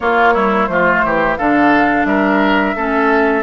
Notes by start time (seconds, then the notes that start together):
0.00 A#3 F4 C#5
0.33 G3 E4
0.66 F3 A3 F4 C5
1.04 E3 G4
1.36 D3 D4 A4 F5
2.04 G3 A#4 E5
2.76 A3 C#4 A4